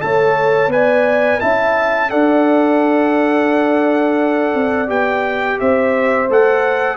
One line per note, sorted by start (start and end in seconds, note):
0.00 0.68 A3
0.00 0.70 A4
0.00 0.73 C#5
0.00 0.71 A5
0.68 1.37 B3
0.68 1.40 B4
0.68 1.41 G#5
0.74 1.41 D5
1.40 2.12 C#4
1.40 2.09 E4
1.40 2.11 E5
1.40 2.10 A5
2.09 4.54 D4
2.09 4.87 A4
2.09 5.60 D5
2.09 4.90 F#5
4.54 4.89 C4
4.87 5.59 B3
4.87 6.27 G4
4.87 5.60 G5
5.60 6.29 C4
5.60 6.97 C5
5.60 6.30 E5
6.29 6.97 A3
6.29 6.97 A4
6.29 6.97 F#5